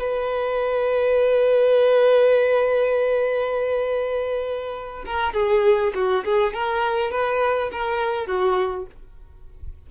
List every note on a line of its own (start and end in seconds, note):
0.00 5.05 B4
5.06 5.34 A#4
5.34 5.93 G#4
5.95 6.25 F#4
6.25 6.54 G#4
6.54 7.11 A#4
7.11 7.71 B4
7.72 8.27 A#4
8.27 8.86 F#4